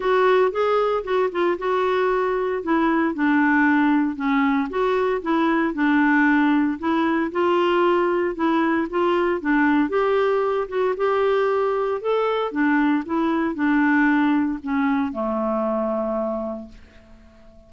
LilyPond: \new Staff \with { instrumentName = "clarinet" } { \time 4/4 \tempo 4 = 115 fis'4 gis'4 fis'8 f'8 fis'4~ | fis'4 e'4 d'2 | cis'4 fis'4 e'4 d'4~ | d'4 e'4 f'2 |
e'4 f'4 d'4 g'4~ | g'8 fis'8 g'2 a'4 | d'4 e'4 d'2 | cis'4 a2. | }